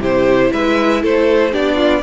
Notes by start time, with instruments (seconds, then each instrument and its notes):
0.00 cello C3, viola E4, violin G4 C5
0.53 cello G#3, violin B4 E5
1.02 cello A3, violin A4 C5
1.52 cello B3, viola D4, violin G4 D5
1.75 violin F4